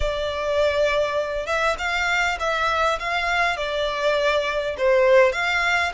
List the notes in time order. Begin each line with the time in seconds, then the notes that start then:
0.00 D5
1.46 E5
1.78 F5
2.39 E5
2.99 F5
3.56 D5
4.77 C5
5.32 F5